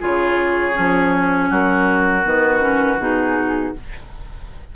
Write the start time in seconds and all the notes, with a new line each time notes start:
0.00 C#3 F4 G#4 C#5
0.73 F3 C#4
1.50 F#3 F#4 A#4
2.24 D#3 B3 B4
2.60 C#4
2.98 B2 D#4 G#4